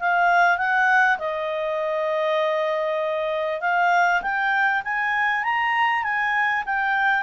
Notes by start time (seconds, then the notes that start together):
0.00 F5
0.58 F#5
1.19 D#5
3.61 F5
4.23 G5
4.85 G#5
5.44 A#5
6.04 G#5
6.66 G5